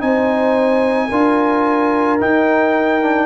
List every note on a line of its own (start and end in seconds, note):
0.00 1.11 C4
0.00 1.09 D#4
0.00 1.09 C5
0.00 2.20 G#5
1.09 2.20 D4
1.09 2.20 F4
1.09 3.27 A#4
2.20 3.02 D#4
2.20 3.27 D#4
2.20 3.27 G5
3.02 3.27 D4